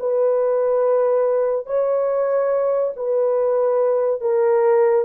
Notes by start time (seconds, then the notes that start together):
0.00 B4
1.66 C#5
2.97 B4
4.21 A#4